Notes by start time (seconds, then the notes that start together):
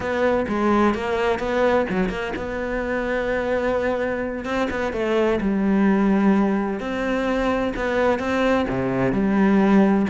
0.00 B3
0.48 G#3
0.94 A#3
1.39 B3
1.89 F#3
2.09 A#3
2.35 B3
4.44 C4
4.70 B3
4.92 A3
5.40 G3
6.80 C4
7.76 B3
8.19 C4
8.69 C3
9.12 G3